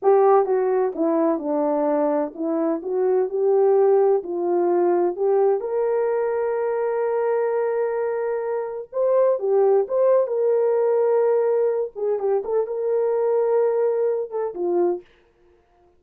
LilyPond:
\new Staff \with { instrumentName = "horn" } { \time 4/4 \tempo 4 = 128 g'4 fis'4 e'4 d'4~ | d'4 e'4 fis'4 g'4~ | g'4 f'2 g'4 | ais'1~ |
ais'2. c''4 | g'4 c''4 ais'2~ | ais'4. gis'8 g'8 a'8 ais'4~ | ais'2~ ais'8 a'8 f'4 | }